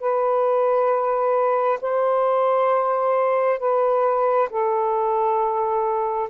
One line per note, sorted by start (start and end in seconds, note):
0.00 1.79 B4
1.81 3.59 C5
3.59 4.49 B4
4.50 6.29 A4